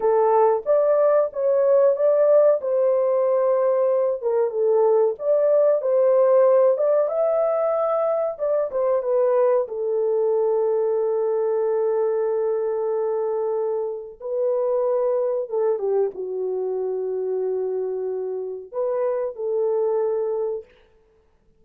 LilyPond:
\new Staff \with { instrumentName = "horn" } { \time 4/4 \tempo 4 = 93 a'4 d''4 cis''4 d''4 | c''2~ c''8 ais'8 a'4 | d''4 c''4. d''8 e''4~ | e''4 d''8 c''8 b'4 a'4~ |
a'1~ | a'2 b'2 | a'8 g'8 fis'2.~ | fis'4 b'4 a'2 | }